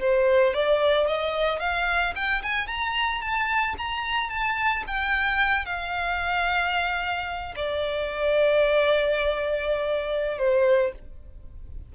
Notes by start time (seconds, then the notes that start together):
0.00 C5
0.54 D5
1.07 D#5
1.60 F5
2.15 G5
2.43 G#5
2.68 A#5
3.22 A5
3.78 A#5
4.30 A5
4.87 G5
5.66 F5
7.56 D5
10.38 C5